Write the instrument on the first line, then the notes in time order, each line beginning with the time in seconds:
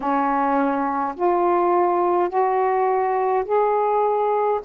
saxophone
0.00 C#4
1.15 F4
2.29 F#4
3.45 G#4